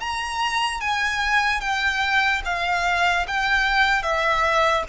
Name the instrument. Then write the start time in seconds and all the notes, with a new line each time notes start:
violin
0.00 A#5
0.80 G#5
1.60 G5
2.45 F5
3.27 G5
4.02 E5